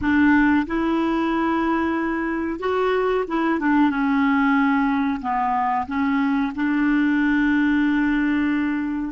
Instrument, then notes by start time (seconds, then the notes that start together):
clarinet
0.01 D4
0.66 E4
2.59 F#4
3.27 E4
3.59 D4
3.90 C#4
5.21 B3
5.87 C#4
6.55 D4